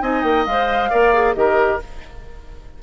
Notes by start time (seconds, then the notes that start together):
0.00 C4 D#4 D#5 G#5
0.22 A#3 G5
0.46 G#3 C5 F5
0.89 A#3 A#4 D5
1.13 G#4
1.35 D#3 G4 A#4 D#5